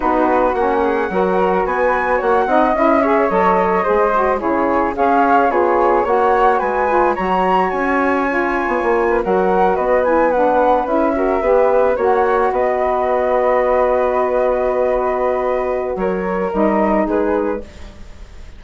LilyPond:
<<
  \new Staff \with { instrumentName = "flute" } { \time 4/4 \tempo 4 = 109 b'4 fis''2 gis''4 | fis''4 e''4 dis''2 | cis''4 f''4 cis''4 fis''4 | gis''4 ais''4 gis''2~ |
gis''8. fis''4 dis''8 gis''8 fis''4 e''16~ | e''4.~ e''16 fis''4 dis''4~ dis''16~ | dis''1~ | dis''4 cis''4 dis''4 b'4 | }
  \new Staff \with { instrumentName = "flute" } { \time 4/4 fis'4. gis'8 ais'4 b'4 | cis''8 dis''4 cis''4. c''4 | gis'4 cis''4 gis'4 cis''4 | b'4 cis''2.~ |
cis''8 b'16 ais'4 b'2~ b'16~ | b'16 ais'8 b'4 cis''4 b'4~ b'16~ | b'1~ | b'4 ais'2 gis'4 | }
  \new Staff \with { instrumentName = "saxophone" } { \time 4/4 dis'4 cis'4 fis'2~ | fis'8 dis'8 e'8 gis'8 a'4 gis'8 fis'8 | e'4 gis'4 f'4 fis'4~ | fis'8 f'8 fis'2 f'4~ |
f'8. fis'4. e'8 d'4 e'16~ | e'16 fis'8 g'4 fis'2~ fis'16~ | fis'1~ | fis'2 dis'2 | }
  \new Staff \with { instrumentName = "bassoon" } { \time 4/4 b4 ais4 fis4 b4 | ais8 c'8 cis'4 fis4 gis4 | cis4 cis'4 b4 ais4 | gis4 fis4 cis'4.~ cis'16 b16 |
ais8. fis4 b2 cis'16~ | cis'8. b4 ais4 b4~ b16~ | b1~ | b4 fis4 g4 gis4 | }
>>